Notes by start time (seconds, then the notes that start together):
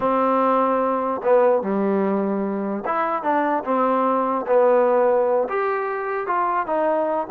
0.00 C4
1.23 B3
1.62 G3
2.85 E4
3.22 D4
3.64 C4
4.46 B3
5.48 G4
6.26 F4
6.66 D#4